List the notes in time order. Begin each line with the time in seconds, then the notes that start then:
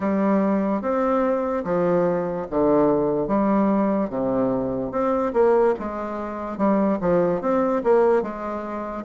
0.00 G3
0.81 C4
1.64 F3
2.50 D3
3.27 G3
4.09 C3
4.91 C4
5.33 A#3
5.79 G#3
6.57 G3
7.00 F3
7.41 C4
7.83 A#3
8.22 G#3